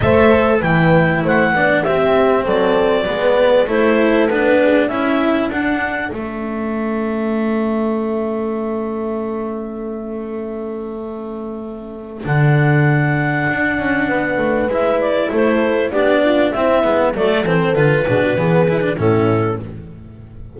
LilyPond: <<
  \new Staff \with { instrumentName = "clarinet" } { \time 4/4 \tempo 4 = 98 e''4 g''4 fis''4 e''4 | d''2 c''4 b'4 | e''4 fis''4 e''2~ | e''1~ |
e''1 | fis''1 | e''8 d''8 c''4 d''4 e''4 | d''8 c''8 b'2 a'4 | }
  \new Staff \with { instrumentName = "horn" } { \time 4/4 c''4 b'4 c''8 d''8 g'4 | a'4 b'4 a'4. gis'8 | a'1~ | a'1~ |
a'1~ | a'2. b'4~ | b'4 a'4 g'8 f'8 e'4 | a'4. gis'16 fis'16 gis'4 e'4 | }
  \new Staff \with { instrumentName = "cello" } { \time 4/4 a'4 e'4. d'8 c'4~ | c'4 b4 e'4 d'4 | e'4 d'4 cis'2~ | cis'1~ |
cis'1 | d'1 | e'2 d'4 c'8 b8 | a8 c'8 f'8 d'8 b8 e'16 d'16 cis'4 | }
  \new Staff \with { instrumentName = "double bass" } { \time 4/4 a4 e4 a8 b8 c'4 | fis4 gis4 a4 b4 | cis'4 d'4 a2~ | a1~ |
a1 | d2 d'8 cis'8 b8 a8 | gis4 a4 b4 c'8 gis8 | fis8 e8 d8 b,8 e4 a,4 | }
>>